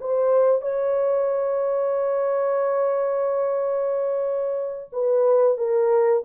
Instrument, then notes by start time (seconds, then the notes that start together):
horn
0.00 C5
0.61 C#5
4.92 B4
5.57 A#4